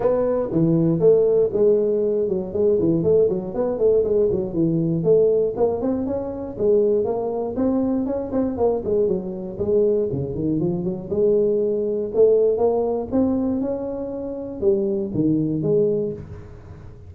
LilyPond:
\new Staff \with { instrumentName = "tuba" } { \time 4/4 \tempo 4 = 119 b4 e4 a4 gis4~ | gis8 fis8 gis8 e8 a8 fis8 b8 a8 | gis8 fis8 e4 a4 ais8 c'8 | cis'4 gis4 ais4 c'4 |
cis'8 c'8 ais8 gis8 fis4 gis4 | cis8 dis8 f8 fis8 gis2 | a4 ais4 c'4 cis'4~ | cis'4 g4 dis4 gis4 | }